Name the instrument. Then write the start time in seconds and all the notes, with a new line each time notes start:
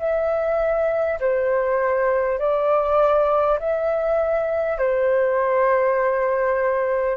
flute
0.00 E5
1.21 C5
2.39 D5
3.59 E5
4.78 C5